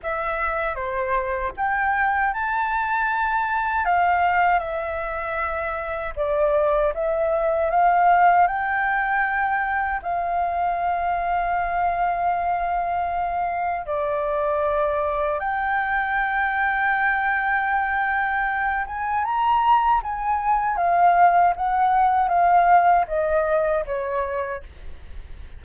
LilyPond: \new Staff \with { instrumentName = "flute" } { \time 4/4 \tempo 4 = 78 e''4 c''4 g''4 a''4~ | a''4 f''4 e''2 | d''4 e''4 f''4 g''4~ | g''4 f''2.~ |
f''2 d''2 | g''1~ | g''8 gis''8 ais''4 gis''4 f''4 | fis''4 f''4 dis''4 cis''4 | }